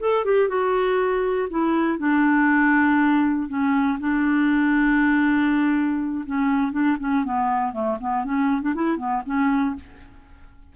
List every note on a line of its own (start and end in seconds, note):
0.00 0.25 A4
0.25 0.49 G4
0.49 1.49 F#4
1.50 1.99 E4
1.99 3.49 D4
3.49 3.99 C#4
4.00 6.25 D4
6.27 6.72 C#4
6.72 6.97 D4
7.00 7.25 C#4
7.25 7.73 B3
7.73 7.98 A3
8.01 8.25 B3
8.25 8.62 C#4
8.62 8.75 D4
8.75 8.97 E4
8.97 9.22 B3
9.26 9.76 C#4